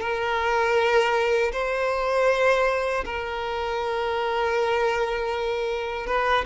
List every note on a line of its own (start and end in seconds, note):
0.00 1.52 A#4
1.52 3.04 C5
3.05 6.06 A#4
6.06 6.44 B4